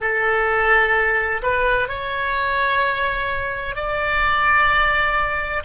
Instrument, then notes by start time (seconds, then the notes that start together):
oboe
0.00 A4
1.42 B4
1.88 C#5
3.75 D5